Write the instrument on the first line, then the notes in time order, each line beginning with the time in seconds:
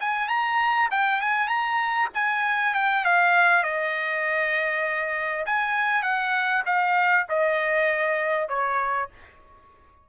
trumpet
0.00 G#5
0.28 A#5
0.91 G5
1.21 G#5
1.48 A#5
2.14 G#5
2.74 G5
3.04 F5
3.63 D#5
5.45 G#5
6.02 F#5
6.66 F5
7.29 D#5
8.48 C#5